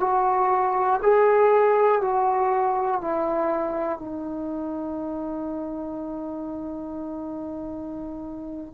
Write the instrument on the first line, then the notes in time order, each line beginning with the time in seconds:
trombone
0.00 F#4
1.02 G#4
2.01 F#4
3.01 E4
3.99 D#4